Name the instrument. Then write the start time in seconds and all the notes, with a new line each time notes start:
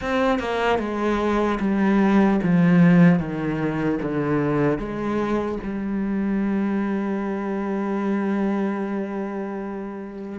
cello
0.01 C4
0.39 A#3
0.79 G#3
1.60 G3
2.42 F3
3.19 D#3
4.01 D3
4.78 G#3
5.63 G3